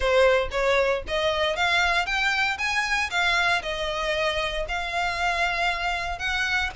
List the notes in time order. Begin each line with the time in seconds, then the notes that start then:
0.00 C5
0.51 C#5
1.07 D#5
1.55 F5
2.05 G5
2.58 G#5
3.10 F5
3.62 D#5
4.68 F5
6.18 F#5